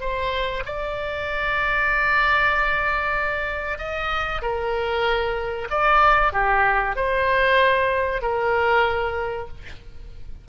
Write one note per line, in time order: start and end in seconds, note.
0.00 0.63 C5
0.65 3.78 D5
3.78 4.41 D#5
4.42 5.68 A#4
5.70 6.32 D5
6.32 6.96 G4
6.96 8.21 C5
8.21 9.48 A#4